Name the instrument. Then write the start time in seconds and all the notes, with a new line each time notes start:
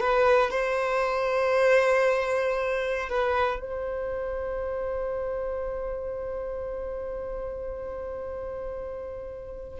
violin
0.00 B4
0.51 C5
3.09 B4
3.60 C5